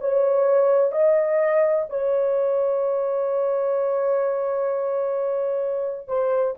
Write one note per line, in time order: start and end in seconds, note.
0.00 0.92 C#5
0.92 1.85 D#5
1.89 6.08 C#5
6.08 6.55 C5